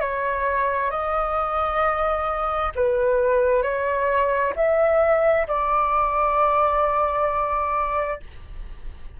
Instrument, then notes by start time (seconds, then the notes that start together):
flute
0.00 C#5
0.90 D#5
2.75 B4
3.62 C#5
4.56 E5
5.47 D5